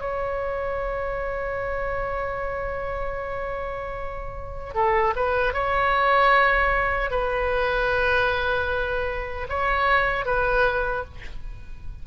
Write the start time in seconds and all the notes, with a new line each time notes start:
0.00 C#5
4.74 A4
5.16 B4
5.53 C#5
7.11 B4
9.49 C#5
10.25 B4